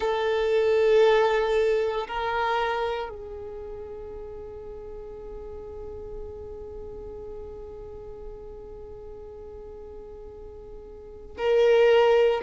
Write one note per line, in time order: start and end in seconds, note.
0.00 2.07 A4
2.07 3.08 A#4
3.08 11.36 G#4
11.37 12.41 A#4